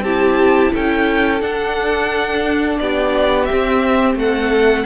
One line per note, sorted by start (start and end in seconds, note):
0.00 0.69 C4
0.00 1.41 E4
0.00 0.72 G4
0.00 0.72 A5
0.73 1.41 C#4
0.73 2.80 A4
0.73 1.41 G5
1.41 2.79 D4
1.41 3.48 D4
1.41 2.78 F#5
2.78 3.49 B3
2.78 4.18 G4
2.78 3.44 D5
3.44 4.86 C4
3.44 4.13 E5
3.51 4.15 C4
4.15 4.84 A3
4.15 4.86 A4
4.15 4.86 F#5